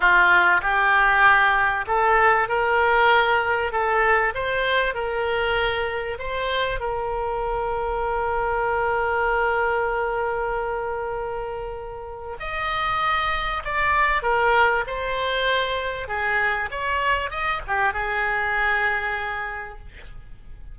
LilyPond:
\new Staff \with { instrumentName = "oboe" } { \time 4/4 \tempo 4 = 97 f'4 g'2 a'4 | ais'2 a'4 c''4 | ais'2 c''4 ais'4~ | ais'1~ |
ais'1 | dis''2 d''4 ais'4 | c''2 gis'4 cis''4 | dis''8 g'8 gis'2. | }